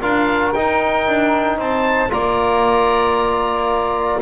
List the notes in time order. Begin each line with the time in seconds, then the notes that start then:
0.00 D4 F4 A#4 F5
0.53 D#4 G5
1.08 D4
1.58 C4 C5 A5
2.10 A#3 F4 D5 A#5